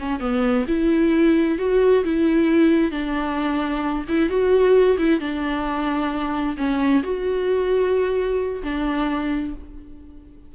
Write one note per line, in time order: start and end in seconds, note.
0.00 0.20 C#4
0.20 0.66 B3
0.68 1.59 E4
1.59 2.04 F#4
2.05 2.92 E4
2.92 4.05 D4
4.09 4.30 E4
4.30 4.98 F#4
4.99 5.20 E4
5.20 6.57 D4
6.58 7.03 C#4
7.04 8.63 F#4
8.64 9.55 D4